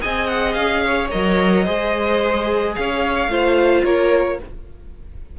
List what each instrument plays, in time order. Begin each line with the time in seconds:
0.00 cello C4, viola G#4, violin D#5 G#5
0.27 violin F#5
0.52 cello C#4, violin F5
0.86 violin C#5
1.10 cello F#3, viola A#4, violin D#5
1.64 cello G#3, viola G#4, violin C5
2.75 cello C#4, violin C#5 F5
3.27 cello A3, viola F4, violin C5
3.84 cello A#3, violin A#4 C#5